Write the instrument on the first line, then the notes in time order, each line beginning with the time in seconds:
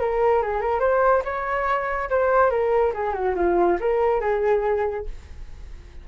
flute
0.00 A#4
0.42 G#4
0.61 A#4
0.80 C5
1.25 C#5
2.10 C5
2.50 A#4
2.94 G#4
3.14 F#4
3.36 F4
3.80 A#4
4.21 G#4